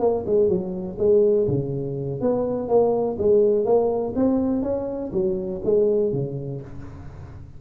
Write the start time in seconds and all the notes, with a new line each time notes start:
0.00 A#3
0.26 G#3
0.49 F#3
0.99 G#3
1.48 C#3
2.21 B3
2.69 A#3
3.19 G#3
3.65 A#3
4.16 C4
4.63 C#4
5.13 F#3
5.65 G#3
6.13 C#3